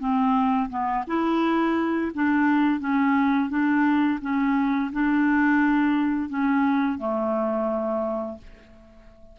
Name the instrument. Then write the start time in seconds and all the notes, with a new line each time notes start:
clarinet
0.00 C4
0.70 B3
1.08 E4
2.15 D4
2.81 C#4
3.50 D4
4.22 C#4
4.93 D4
6.30 C#4
6.99 A3